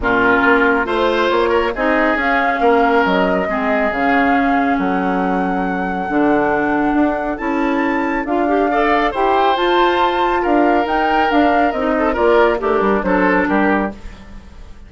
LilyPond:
<<
  \new Staff \with { instrumentName = "flute" } { \time 4/4 \tempo 4 = 138 ais'2 c''4 cis''4 | dis''4 f''2 dis''4~ | dis''4 f''2 fis''4~ | fis''1~ |
fis''4 a''2 f''4~ | f''4 g''4 a''2 | f''4 g''4 f''4 dis''4 | d''4 ais'4 c''4 ais'4 | }
  \new Staff \with { instrumentName = "oboe" } { \time 4/4 f'2 c''4. ais'8 | gis'2 ais'2 | gis'2. a'4~ | a'1~ |
a'1 | d''4 c''2. | ais'2.~ ais'8 a'8 | ais'4 d'4 a'4 g'4 | }
  \new Staff \with { instrumentName = "clarinet" } { \time 4/4 cis'2 f'2 | dis'4 cis'2. | c'4 cis'2.~ | cis'2 d'2~ |
d'4 e'2 f'8 g'8 | a'4 g'4 f'2~ | f'4 dis'4 d'4 dis'4 | f'4 g'4 d'2 | }
  \new Staff \with { instrumentName = "bassoon" } { \time 4/4 ais,4 ais4 a4 ais4 | c'4 cis'4 ais4 fis4 | gis4 cis2 fis4~ | fis2 d2 |
d'4 cis'2 d'4~ | d'4 e'4 f'2 | d'4 dis'4 d'4 c'4 | ais4 a8 g8 fis4 g4 | }
>>